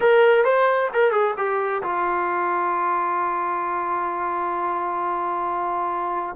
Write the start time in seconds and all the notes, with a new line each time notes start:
0.00 A#4
0.44 C5
0.93 A#4
1.11 G#4
1.37 G4
1.83 F4